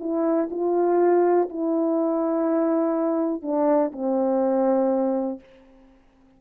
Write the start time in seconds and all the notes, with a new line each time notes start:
0.00 E4
0.51 F4
1.50 E4
3.42 D4
3.92 C4